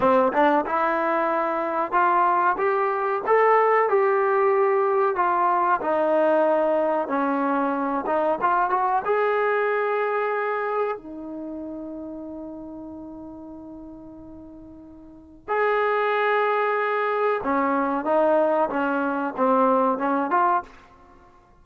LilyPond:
\new Staff \with { instrumentName = "trombone" } { \time 4/4 \tempo 4 = 93 c'8 d'8 e'2 f'4 | g'4 a'4 g'2 | f'4 dis'2 cis'4~ | cis'8 dis'8 f'8 fis'8 gis'2~ |
gis'4 dis'2.~ | dis'1 | gis'2. cis'4 | dis'4 cis'4 c'4 cis'8 f'8 | }